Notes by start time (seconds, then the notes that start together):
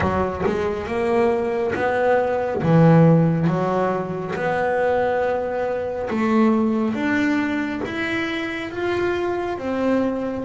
0.00 F#3
0.45 G#3
0.87 A#3
1.75 B3
2.62 E3
3.47 F#3
4.35 B3
6.10 A3
6.94 D4
7.85 E4
8.70 F4
9.58 C4